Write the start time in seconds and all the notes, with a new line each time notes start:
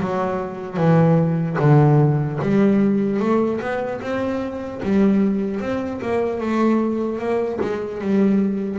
0.00 F#3
0.76 E3
1.59 D3
2.41 G3
3.19 A3
3.60 B3
4.01 C4
4.83 G3
5.60 C4
6.01 A#3
6.40 A3
7.18 A#3
7.61 G#3
8.01 G3